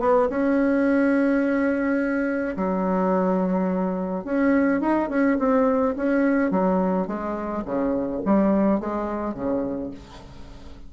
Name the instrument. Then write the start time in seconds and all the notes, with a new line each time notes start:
bassoon
0.00 B3
0.30 C#4
2.57 F#3
4.24 C#4
4.81 D#4
5.09 C#4
5.39 C4
5.97 C#4
6.51 F#3
7.07 G#3
7.65 C#3
8.25 G3
8.80 G#3
9.34 C#3